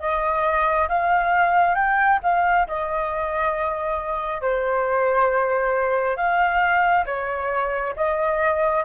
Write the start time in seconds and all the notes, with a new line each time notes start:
0.00 D#5
0.89 F5
1.75 G5
2.23 F5
2.68 D#5
4.42 C5
6.17 F5
7.06 C#5
7.96 D#5